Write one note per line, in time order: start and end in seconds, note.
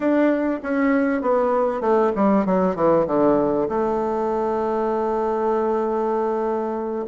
0.00 0.60 D4
0.62 1.21 C#4
1.21 1.81 B3
1.81 2.11 A3
2.15 2.45 G3
2.45 2.75 F#3
2.75 3.06 E3
3.06 3.67 D3
3.68 7.05 A3